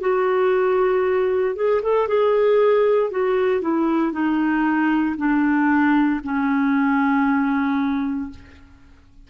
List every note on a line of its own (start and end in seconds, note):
0.00 1.55 F#4
1.55 1.81 G#4
1.82 2.07 A4
2.07 3.10 G#4
3.10 3.62 F#4
3.62 4.12 E4
4.12 5.15 D#4
5.17 6.21 D4
6.23 8.30 C#4